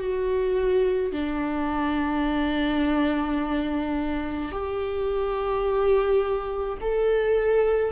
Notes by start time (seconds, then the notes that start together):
0.00 F#4
1.12 D4
4.52 G4
6.81 A4